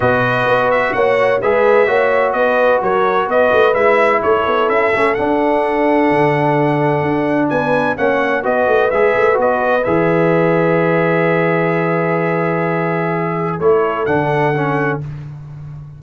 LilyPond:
<<
  \new Staff \with { instrumentName = "trumpet" } { \time 4/4 \tempo 4 = 128 dis''4. e''8 fis''4 e''4~ | e''4 dis''4 cis''4 dis''4 | e''4 cis''4 e''4 fis''4~ | fis''1 |
gis''4 fis''4 dis''4 e''4 | dis''4 e''2.~ | e''1~ | e''4 cis''4 fis''2 | }
  \new Staff \with { instrumentName = "horn" } { \time 4/4 b'2 cis''4 b'4 | cis''4 b'4 ais'4 b'4~ | b'4 a'2.~ | a'1 |
b'4 cis''4 b'2~ | b'1~ | b'1~ | b'4 a'2. | }
  \new Staff \with { instrumentName = "trombone" } { \time 4/4 fis'2. gis'4 | fis'1 | e'2~ e'8 cis'8 d'4~ | d'1~ |
d'4 cis'4 fis'4 gis'4 | fis'4 gis'2.~ | gis'1~ | gis'4 e'4 d'4 cis'4 | }
  \new Staff \with { instrumentName = "tuba" } { \time 4/4 b,4 b4 ais4 gis4 | ais4 b4 fis4 b8 a8 | gis4 a8 b8 cis'8 a8 d'4~ | d'4 d2 d'4 |
b4 ais4 b8 a8 gis8 a8 | b4 e2.~ | e1~ | e4 a4 d2 | }
>>